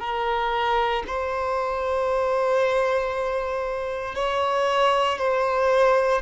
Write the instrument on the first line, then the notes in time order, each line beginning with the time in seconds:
violin
0.00 A#4
1.07 C5
4.16 C#5
5.19 C5